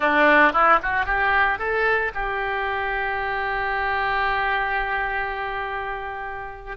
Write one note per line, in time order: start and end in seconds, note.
0.00 0.52 D4
0.52 0.79 E4
0.82 1.05 F#4
1.05 1.58 G4
1.58 2.11 A4
2.14 6.77 G4